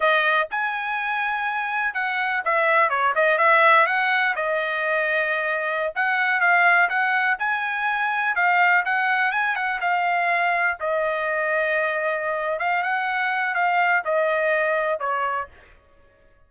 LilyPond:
\new Staff \with { instrumentName = "trumpet" } { \time 4/4 \tempo 4 = 124 dis''4 gis''2. | fis''4 e''4 cis''8 dis''8 e''4 | fis''4 dis''2.~ | dis''16 fis''4 f''4 fis''4 gis''8.~ |
gis''4~ gis''16 f''4 fis''4 gis''8 fis''16~ | fis''16 f''2 dis''4.~ dis''16~ | dis''2 f''8 fis''4. | f''4 dis''2 cis''4 | }